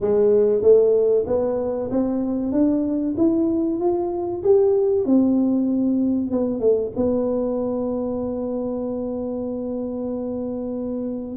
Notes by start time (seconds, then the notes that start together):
0.01 G#3
0.61 A3
1.26 B3
1.90 C4
2.52 D4
3.17 E4
3.79 F4
4.43 G4
5.05 C4
6.31 B3
6.60 A3
6.96 B3